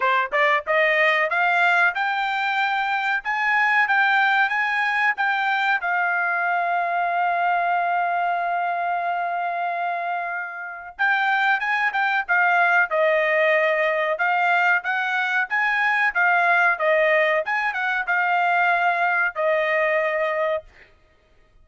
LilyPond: \new Staff \with { instrumentName = "trumpet" } { \time 4/4 \tempo 4 = 93 c''8 d''8 dis''4 f''4 g''4~ | g''4 gis''4 g''4 gis''4 | g''4 f''2.~ | f''1~ |
f''4 g''4 gis''8 g''8 f''4 | dis''2 f''4 fis''4 | gis''4 f''4 dis''4 gis''8 fis''8 | f''2 dis''2 | }